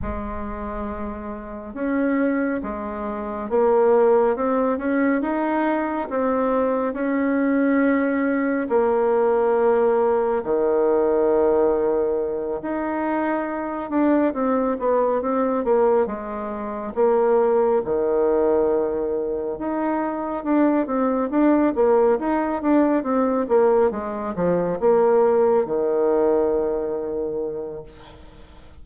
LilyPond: \new Staff \with { instrumentName = "bassoon" } { \time 4/4 \tempo 4 = 69 gis2 cis'4 gis4 | ais4 c'8 cis'8 dis'4 c'4 | cis'2 ais2 | dis2~ dis8 dis'4. |
d'8 c'8 b8 c'8 ais8 gis4 ais8~ | ais8 dis2 dis'4 d'8 | c'8 d'8 ais8 dis'8 d'8 c'8 ais8 gis8 | f8 ais4 dis2~ dis8 | }